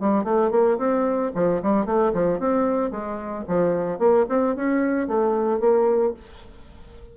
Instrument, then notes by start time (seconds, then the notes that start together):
bassoon
0.00 G3
0.24 A3
0.51 A#3
0.78 C4
1.35 F3
1.62 G3
1.86 A3
2.14 F3
2.39 C4
2.91 G#3
3.48 F3
3.99 A#3
4.29 C4
4.56 C#4
5.07 A3
5.60 A#3